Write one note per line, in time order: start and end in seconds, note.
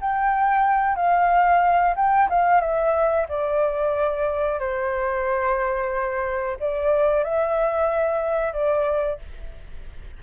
0.00 0.95 G5
0.95 1.94 F5
1.95 2.28 G5
2.29 2.60 F5
2.60 3.26 E5
3.28 4.59 D5
4.59 6.57 C5
6.60 7.23 D5
7.23 8.53 E5
8.53 9.19 D5